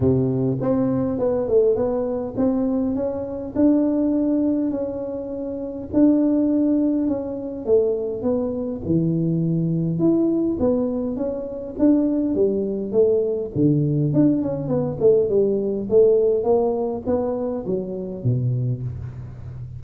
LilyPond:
\new Staff \with { instrumentName = "tuba" } { \time 4/4 \tempo 4 = 102 c4 c'4 b8 a8 b4 | c'4 cis'4 d'2 | cis'2 d'2 | cis'4 a4 b4 e4~ |
e4 e'4 b4 cis'4 | d'4 g4 a4 d4 | d'8 cis'8 b8 a8 g4 a4 | ais4 b4 fis4 b,4 | }